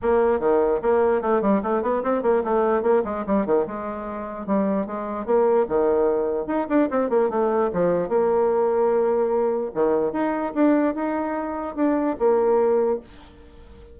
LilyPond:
\new Staff \with { instrumentName = "bassoon" } { \time 4/4 \tempo 4 = 148 ais4 dis4 ais4 a8 g8 | a8 b8 c'8 ais8 a4 ais8 gis8 | g8 dis8 gis2 g4 | gis4 ais4 dis2 |
dis'8 d'8 c'8 ais8 a4 f4 | ais1 | dis4 dis'4 d'4 dis'4~ | dis'4 d'4 ais2 | }